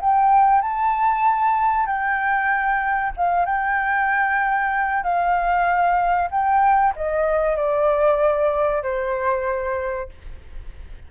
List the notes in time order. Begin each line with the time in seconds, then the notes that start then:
0.00 G5
0.61 A5
1.86 G5
3.16 F5
3.45 G5
5.03 F5
6.30 G5
6.96 D#5
7.56 D5
8.82 C5